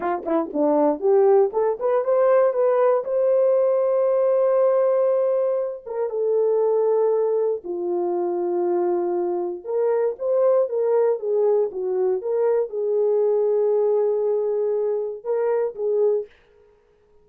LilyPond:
\new Staff \with { instrumentName = "horn" } { \time 4/4 \tempo 4 = 118 f'8 e'8 d'4 g'4 a'8 b'8 | c''4 b'4 c''2~ | c''2.~ c''8 ais'8 | a'2. f'4~ |
f'2. ais'4 | c''4 ais'4 gis'4 fis'4 | ais'4 gis'2.~ | gis'2 ais'4 gis'4 | }